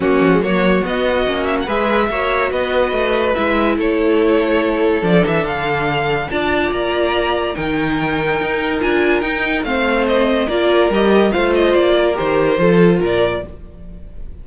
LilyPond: <<
  \new Staff \with { instrumentName = "violin" } { \time 4/4 \tempo 4 = 143 fis'4 cis''4 dis''4. e''16 fis''16 | e''2 dis''2 | e''4 cis''2. | d''8 e''8 f''2 a''4 |
ais''2 g''2~ | g''4 gis''4 g''4 f''4 | dis''4 d''4 dis''4 f''8 dis''8 | d''4 c''2 d''4 | }
  \new Staff \with { instrumentName = "violin" } { \time 4/4 cis'4 fis'2. | b'4 cis''4 b'2~ | b'4 a'2.~ | a'2. d''4~ |
d''2 ais'2~ | ais'2. c''4~ | c''4 ais'2 c''4~ | c''8 ais'4. a'4 ais'4 | }
  \new Staff \with { instrumentName = "viola" } { \time 4/4 ais8. gis16 ais4 b4 cis'4 | gis'4 fis'2. | e'1 | d'2. f'4~ |
f'2 dis'2~ | dis'4 f'4 dis'4 c'4~ | c'4 f'4 g'4 f'4~ | f'4 g'4 f'2 | }
  \new Staff \with { instrumentName = "cello" } { \time 4/4 fis8 f8 fis4 b4 ais4 | gis4 ais4 b4 a4 | gis4 a2. | f8 e8 d2 d'4 |
ais2 dis2 | dis'4 d'4 dis'4 a4~ | a4 ais4 g4 a4 | ais4 dis4 f4 ais,4 | }
>>